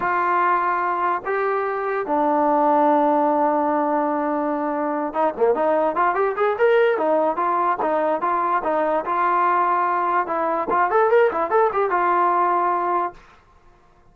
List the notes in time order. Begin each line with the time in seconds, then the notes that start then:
0.00 F4
1.25 G4
2.06 D4
5.13 D#4
5.37 A#3
5.55 D#4
5.95 F4
6.15 G4
6.36 G#4
6.58 A#4
6.97 D#4
7.36 F4
7.82 D#4
8.21 F4
8.63 D#4
9.05 F4
10.26 E4
10.70 F4
10.90 A4
11.10 A#4
11.31 E4
11.50 A4
11.72 G4
11.90 F4